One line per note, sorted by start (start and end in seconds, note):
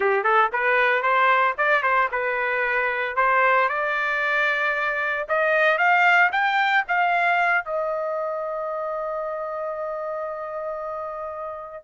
0.00 0.23 G4
0.23 0.50 A4
0.52 1.02 B4
1.02 1.55 C5
1.57 1.82 D5
1.82 2.09 C5
2.11 3.16 B4
3.16 3.68 C5
3.68 5.26 D5
5.28 5.78 D#5
5.78 6.30 F5
6.32 6.84 G5
6.88 7.65 F5
7.65 11.84 D#5